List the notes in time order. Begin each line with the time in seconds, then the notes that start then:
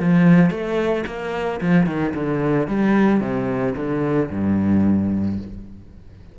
0.00 F3
0.51 A3
1.07 A#3
1.61 F3
1.87 D#3
2.15 D3
2.68 G3
3.21 C3
3.76 D3
4.31 G2